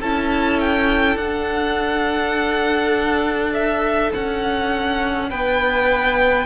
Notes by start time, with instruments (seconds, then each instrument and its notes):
0.00 cello C#4, viola E4, violin A4 A5
0.60 violin G5
1.16 cello D4, viola D4, violin F#5
3.54 violin E5
4.14 cello C#4, violin F#5
5.30 cello B3, violin B4 G5